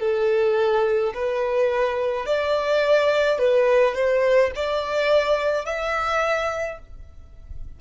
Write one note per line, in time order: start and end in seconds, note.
0.00 1.13 A4
1.14 2.26 B4
2.26 3.39 D5
3.39 3.95 B4
3.95 4.52 C5
4.56 5.66 D5
5.66 6.79 E5